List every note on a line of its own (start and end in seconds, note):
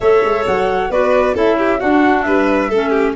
0.00 0.23 A3
0.00 0.91 A4
0.00 0.91 C#5
0.00 0.44 E5
0.24 0.46 G#3
0.46 0.89 F#3
0.46 0.91 F#5
0.89 1.34 B3
0.89 1.34 F#4
0.89 1.34 B4
0.89 1.36 D5
1.34 1.80 C#4
1.34 1.79 E4
1.34 1.57 A4
1.34 1.80 E5
1.57 1.80 G4
1.80 2.70 D4
1.80 2.26 D4
1.80 2.25 F#4
1.80 2.22 F#5
2.22 2.70 G3
2.22 2.69 B4
2.22 3.12 E5
2.69 3.15 A3
2.69 3.15 C#4
2.69 2.90 A4
2.90 3.12 G4